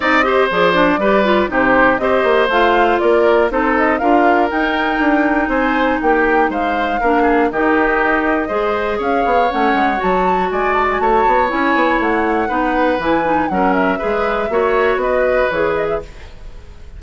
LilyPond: <<
  \new Staff \with { instrumentName = "flute" } { \time 4/4 \tempo 4 = 120 dis''4 d''2 c''4 | dis''4 f''4 d''4 c''8 dis''8 | f''4 g''2 gis''4 | g''4 f''2 dis''4~ |
dis''2 f''4 fis''4 | a''4 gis''8 a''16 gis''16 a''4 gis''4 | fis''2 gis''4 fis''8 e''8~ | e''2 dis''4 cis''8 dis''16 e''16 | }
  \new Staff \with { instrumentName = "oboe" } { \time 4/4 d''8 c''4. b'4 g'4 | c''2 ais'4 a'4 | ais'2. c''4 | g'4 c''4 ais'8 gis'8 g'4~ |
g'4 c''4 cis''2~ | cis''4 d''4 cis''2~ | cis''4 b'2 ais'4 | b'4 cis''4 b'2 | }
  \new Staff \with { instrumentName = "clarinet" } { \time 4/4 dis'8 g'8 gis'8 d'8 g'8 f'8 dis'4 | g'4 f'2 dis'4 | f'4 dis'2.~ | dis'2 d'4 dis'4~ |
dis'4 gis'2 cis'4 | fis'2. e'4~ | e'4 dis'4 e'8 dis'8 cis'4 | gis'4 fis'2 gis'4 | }
  \new Staff \with { instrumentName = "bassoon" } { \time 4/4 c'4 f4 g4 c4 | c'8 ais8 a4 ais4 c'4 | d'4 dis'4 d'4 c'4 | ais4 gis4 ais4 dis4~ |
dis4 gis4 cis'8 b8 a8 gis8 | fis4 gis4 a8 b8 cis'8 b8 | a4 b4 e4 fis4 | gis4 ais4 b4 e4 | }
>>